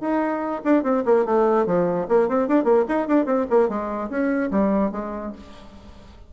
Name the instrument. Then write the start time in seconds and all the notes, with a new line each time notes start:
bassoon
0.00 D#4
0.64 D4
0.83 C4
1.05 A#3
1.25 A3
1.65 F3
2.08 A#3
2.28 C4
2.47 D4
2.64 A#3
2.88 D#4
3.07 D4
3.25 C4
3.50 A#3
3.68 G#3
4.09 C#4
4.50 G3
4.91 G#3